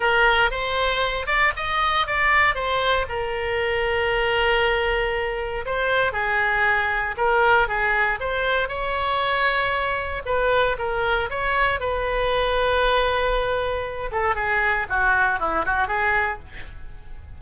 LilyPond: \new Staff \with { instrumentName = "oboe" } { \time 4/4 \tempo 4 = 117 ais'4 c''4. d''8 dis''4 | d''4 c''4 ais'2~ | ais'2. c''4 | gis'2 ais'4 gis'4 |
c''4 cis''2. | b'4 ais'4 cis''4 b'4~ | b'2.~ b'8 a'8 | gis'4 fis'4 e'8 fis'8 gis'4 | }